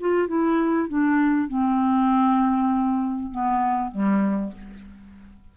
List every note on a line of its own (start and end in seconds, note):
0.00 0.28 F4
0.28 0.88 E4
0.88 1.48 D4
1.48 3.31 C4
3.31 3.91 B3
3.91 4.53 G3